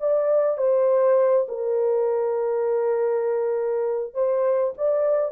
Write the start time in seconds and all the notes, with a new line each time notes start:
0.00 D5
0.58 C5
1.49 A#4
4.14 C5
4.78 D5